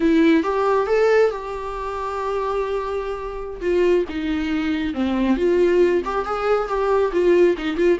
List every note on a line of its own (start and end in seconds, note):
0.00 0.43 E4
0.43 0.87 G4
0.87 1.30 A4
1.30 3.60 G4
3.61 4.05 F4
4.08 4.94 D#4
4.94 5.36 C4
5.36 6.02 F4
6.04 6.25 G4
6.25 6.67 G#4
6.67 7.11 G4
7.12 7.56 F4
7.57 7.76 D#4
7.76 7.98 F4